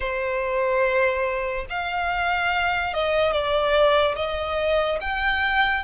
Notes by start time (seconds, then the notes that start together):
0.00 C5
1.69 F5
2.93 D#5
3.31 D5
4.15 D#5
5.00 G5